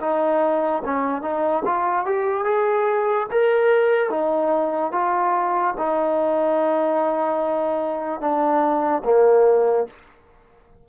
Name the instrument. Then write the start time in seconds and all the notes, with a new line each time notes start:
trombone
0.00 D#4
0.84 C#4
1.21 D#4
1.65 F4
2.05 G4
2.44 G#4
3.31 A#4
4.09 D#4
4.92 F4
5.77 D#4
8.20 D4
9.04 A#3